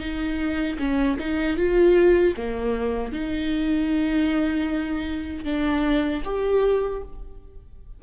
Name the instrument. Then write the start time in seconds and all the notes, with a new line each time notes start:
viola
0.00 D#4
0.78 C#4
1.19 D#4
1.57 F4
2.37 A#3
3.12 D#4
5.44 D4
6.24 G4